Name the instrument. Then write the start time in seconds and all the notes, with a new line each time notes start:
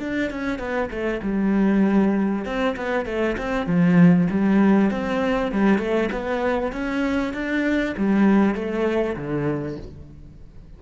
cello
0.00 D4
0.31 C#4
0.59 B3
0.90 A3
1.23 G3
2.45 C4
2.77 B3
3.06 A3
3.38 C4
3.67 F3
4.31 G3
4.91 C4
5.52 G3
5.79 A3
6.13 B3
6.73 C#4
7.34 D4
7.97 G3
8.55 A3
9.17 D3